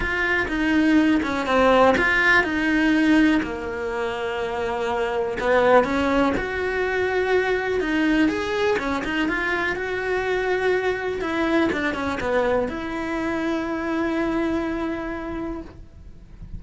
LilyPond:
\new Staff \with { instrumentName = "cello" } { \time 4/4 \tempo 4 = 123 f'4 dis'4. cis'8 c'4 | f'4 dis'2 ais4~ | ais2. b4 | cis'4 fis'2. |
dis'4 gis'4 cis'8 dis'8 f'4 | fis'2. e'4 | d'8 cis'8 b4 e'2~ | e'1 | }